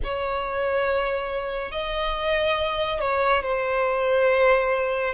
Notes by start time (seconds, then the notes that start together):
0.04 C#5
1.71 D#5
3.00 C#5
3.42 C5